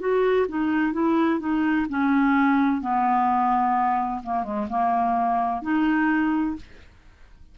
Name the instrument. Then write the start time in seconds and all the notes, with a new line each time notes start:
clarinet
0.00 F#4
0.49 D#4
0.93 E4
1.40 D#4
1.90 C#4
2.82 B3
4.24 A#3
4.44 G#3
4.69 A#3
5.62 D#4